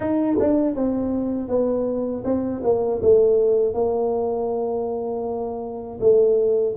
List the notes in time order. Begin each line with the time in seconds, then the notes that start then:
0.00 D#4
0.39 D4
0.75 C4
1.48 B3
2.24 C4
2.63 A#3
3.02 A3
3.74 A#3
6.00 A3